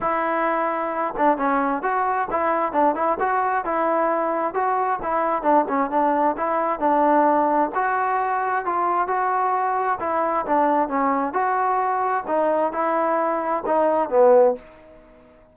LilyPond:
\new Staff \with { instrumentName = "trombone" } { \time 4/4 \tempo 4 = 132 e'2~ e'8 d'8 cis'4 | fis'4 e'4 d'8 e'8 fis'4 | e'2 fis'4 e'4 | d'8 cis'8 d'4 e'4 d'4~ |
d'4 fis'2 f'4 | fis'2 e'4 d'4 | cis'4 fis'2 dis'4 | e'2 dis'4 b4 | }